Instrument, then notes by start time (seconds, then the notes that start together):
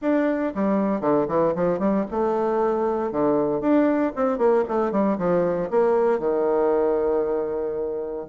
bassoon
0.01 D4
0.54 G3
1.00 D3
1.28 E3
1.55 F3
1.79 G3
2.10 A3
3.11 D3
3.60 D4
4.15 C4
4.38 A#3
4.68 A3
4.91 G3
5.17 F3
5.70 A#3
6.19 D#3